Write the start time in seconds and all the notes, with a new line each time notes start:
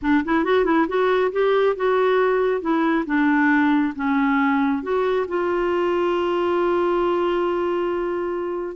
0.02 D4
0.24 E4
0.44 F#4
0.64 E4
0.88 F#4
1.32 G4
1.76 F#4
2.61 E4
3.06 D4
3.95 C#4
4.82 F#4
5.28 F4